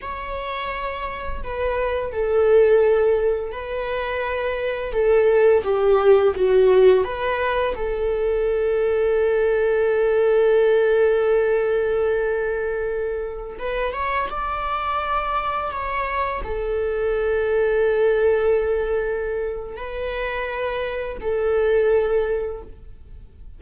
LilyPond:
\new Staff \with { instrumentName = "viola" } { \time 4/4 \tempo 4 = 85 cis''2 b'4 a'4~ | a'4 b'2 a'4 | g'4 fis'4 b'4 a'4~ | a'1~ |
a'2.~ a'16 b'8 cis''16~ | cis''16 d''2 cis''4 a'8.~ | a'1 | b'2 a'2 | }